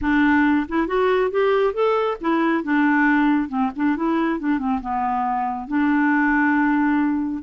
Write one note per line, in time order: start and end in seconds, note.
0.01 0.66 D4
0.68 0.87 E4
0.87 1.30 F#4
1.30 1.73 G4
1.73 2.17 A4
2.20 2.63 E4
2.63 3.49 D4
3.49 3.70 C4
3.76 3.96 D4
3.96 4.39 E4
4.39 4.58 D4
4.58 4.80 C4
4.81 5.67 B3
5.67 7.42 D4